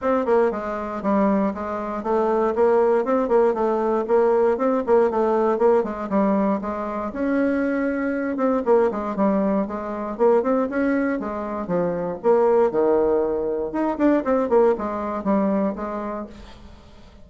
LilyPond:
\new Staff \with { instrumentName = "bassoon" } { \time 4/4 \tempo 4 = 118 c'8 ais8 gis4 g4 gis4 | a4 ais4 c'8 ais8 a4 | ais4 c'8 ais8 a4 ais8 gis8 | g4 gis4 cis'2~ |
cis'8 c'8 ais8 gis8 g4 gis4 | ais8 c'8 cis'4 gis4 f4 | ais4 dis2 dis'8 d'8 | c'8 ais8 gis4 g4 gis4 | }